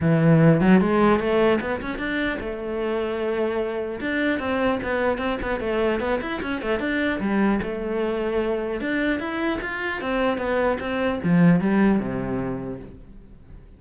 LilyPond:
\new Staff \with { instrumentName = "cello" } { \time 4/4 \tempo 4 = 150 e4. fis8 gis4 a4 | b8 cis'8 d'4 a2~ | a2 d'4 c'4 | b4 c'8 b8 a4 b8 e'8 |
cis'8 a8 d'4 g4 a4~ | a2 d'4 e'4 | f'4 c'4 b4 c'4 | f4 g4 c2 | }